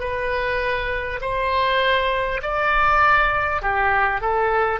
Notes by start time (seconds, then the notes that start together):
0.00 B4
1.22 C5
2.43 D5
3.62 G4
4.22 A4